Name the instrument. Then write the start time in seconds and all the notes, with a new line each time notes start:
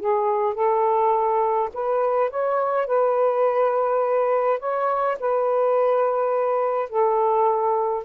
saxophone
0.00 G#4
0.54 A4
1.74 B4
2.30 C#5
2.87 B4
4.60 C#5
5.20 B4
6.89 A4